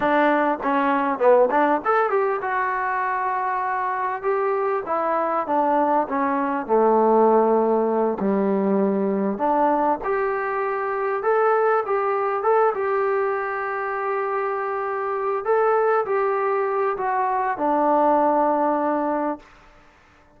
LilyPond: \new Staff \with { instrumentName = "trombone" } { \time 4/4 \tempo 4 = 99 d'4 cis'4 b8 d'8 a'8 g'8 | fis'2. g'4 | e'4 d'4 cis'4 a4~ | a4. g2 d'8~ |
d'8 g'2 a'4 g'8~ | g'8 a'8 g'2.~ | g'4. a'4 g'4. | fis'4 d'2. | }